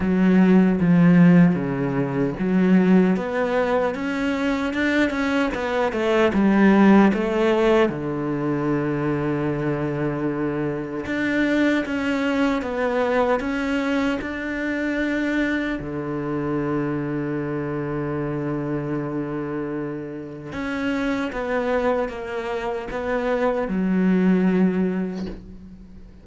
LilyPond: \new Staff \with { instrumentName = "cello" } { \time 4/4 \tempo 4 = 76 fis4 f4 cis4 fis4 | b4 cis'4 d'8 cis'8 b8 a8 | g4 a4 d2~ | d2 d'4 cis'4 |
b4 cis'4 d'2 | d1~ | d2 cis'4 b4 | ais4 b4 fis2 | }